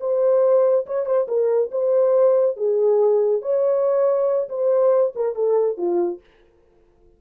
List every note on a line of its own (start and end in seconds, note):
0.00 0.86 C5
0.86 1.06 C#5
1.06 1.27 C5
1.28 1.70 A#4
1.72 2.57 C5
2.57 3.42 G#4
3.42 4.49 C#5
4.49 5.14 C5
5.15 5.35 A#4
5.35 5.77 A4
5.77 6.20 F4